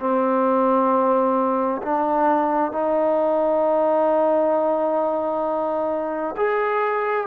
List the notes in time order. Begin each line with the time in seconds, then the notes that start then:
0.00 C4
1.83 D4
2.72 D#4
6.37 G#4